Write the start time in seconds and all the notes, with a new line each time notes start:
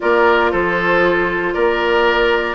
0.00 A#3 F4 A#4 D5
0.51 F3 A4 C5
1.53 A#3 A#4 D5